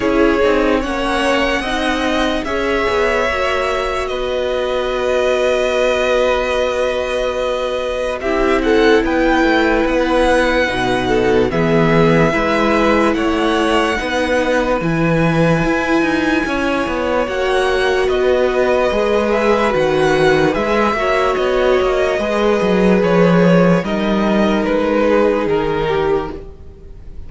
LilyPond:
<<
  \new Staff \with { instrumentName = "violin" } { \time 4/4 \tempo 4 = 73 cis''4 fis''2 e''4~ | e''4 dis''2.~ | dis''2 e''8 fis''8 g''4 | fis''2 e''2 |
fis''2 gis''2~ | gis''4 fis''4 dis''4. e''8 | fis''4 e''4 dis''2 | cis''4 dis''4 b'4 ais'4 | }
  \new Staff \with { instrumentName = "violin" } { \time 4/4 gis'4 cis''4 dis''4 cis''4~ | cis''4 b'2.~ | b'2 g'8 a'8 b'4~ | b'4. a'8 gis'4 b'4 |
cis''4 b'2. | cis''2 b'2~ | b'4. cis''4. b'4~ | b'4 ais'4. gis'4 g'8 | }
  \new Staff \with { instrumentName = "viola" } { \time 4/4 e'8 dis'8 cis'4 dis'4 gis'4 | fis'1~ | fis'2 e'2~ | e'4 dis'4 b4 e'4~ |
e'4 dis'4 e'2~ | e'4 fis'2 gis'4 | fis'4 gis'8 fis'4. gis'4~ | gis'4 dis'2. | }
  \new Staff \with { instrumentName = "cello" } { \time 4/4 cis'8 c'8 ais4 c'4 cis'8 b8 | ais4 b2.~ | b2 c'4 b8 a8 | b4 b,4 e4 gis4 |
a4 b4 e4 e'8 dis'8 | cis'8 b8 ais4 b4 gis4 | dis4 gis8 ais8 b8 ais8 gis8 fis8 | f4 g4 gis4 dis4 | }
>>